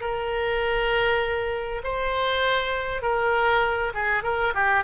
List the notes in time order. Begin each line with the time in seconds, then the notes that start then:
0.00 A#4
1.83 C5
3.02 A#4
3.93 G#4
4.23 A#4
4.54 G4